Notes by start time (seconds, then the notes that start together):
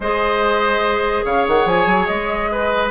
0.00 G#3 G#4 C5 D#5
1.24 C#3 C#5 F5
1.47 D#3 F#5
1.65 F3 G#5
1.86 F#3
2.06 G#3 D#5
2.51 B4